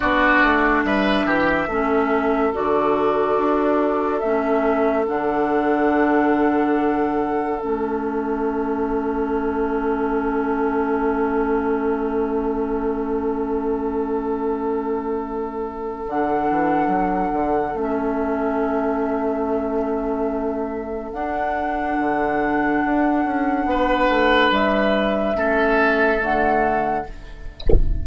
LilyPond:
<<
  \new Staff \with { instrumentName = "flute" } { \time 4/4 \tempo 4 = 71 d''4 e''2 d''4~ | d''4 e''4 fis''2~ | fis''4 e''2.~ | e''1~ |
e''2. fis''4~ | fis''4 e''2.~ | e''4 fis''2.~ | fis''4 e''2 fis''4 | }
  \new Staff \with { instrumentName = "oboe" } { \time 4/4 fis'4 b'8 g'8 a'2~ | a'1~ | a'1~ | a'1~ |
a'1~ | a'1~ | a'1 | b'2 a'2 | }
  \new Staff \with { instrumentName = "clarinet" } { \time 4/4 d'2 cis'4 fis'4~ | fis'4 cis'4 d'2~ | d'4 cis'2.~ | cis'1~ |
cis'2. d'4~ | d'4 cis'2.~ | cis'4 d'2.~ | d'2 cis'4 a4 | }
  \new Staff \with { instrumentName = "bassoon" } { \time 4/4 b8 a8 g8 e8 a4 d4 | d'4 a4 d2~ | d4 a2.~ | a1~ |
a2. d8 e8 | fis8 d8 a2.~ | a4 d'4 d4 d'8 cis'8 | b8 a8 g4 a4 d4 | }
>>